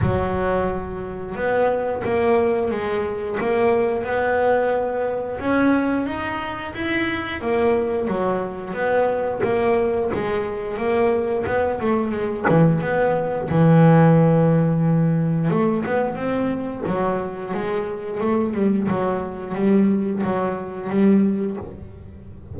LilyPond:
\new Staff \with { instrumentName = "double bass" } { \time 4/4 \tempo 4 = 89 fis2 b4 ais4 | gis4 ais4 b2 | cis'4 dis'4 e'4 ais4 | fis4 b4 ais4 gis4 |
ais4 b8 a8 gis8 e8 b4 | e2. a8 b8 | c'4 fis4 gis4 a8 g8 | fis4 g4 fis4 g4 | }